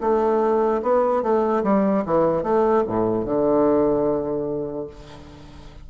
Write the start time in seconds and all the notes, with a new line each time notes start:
0.00 A3
0.82 B3
1.22 A3
1.63 G3
2.05 E3
2.43 A3
2.87 A2
3.24 D3